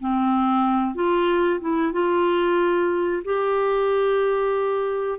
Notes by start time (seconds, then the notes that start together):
0.00 C4
0.95 F4
1.60 E4
1.93 F4
3.25 G4